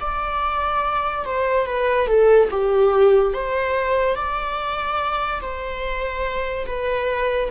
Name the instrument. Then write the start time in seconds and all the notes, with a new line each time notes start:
viola
0.00 D5
1.25 C5
1.66 B4
2.07 A4
2.50 G4
3.33 C5
4.16 D5
5.41 C5
6.66 B4